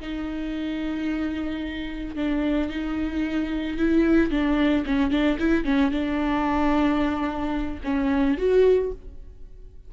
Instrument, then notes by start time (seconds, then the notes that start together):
viola
0.00 D#4
2.15 D4
2.70 D#4
3.77 E4
4.31 D4
4.86 C#4
5.11 D4
5.39 E4
5.64 C#4
5.91 D4
7.84 C#4
8.38 F#4